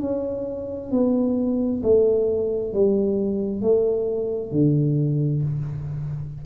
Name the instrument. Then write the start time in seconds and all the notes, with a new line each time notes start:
tuba
0.00 C#4
0.91 B3
1.83 A3
2.73 G3
3.62 A3
4.52 D3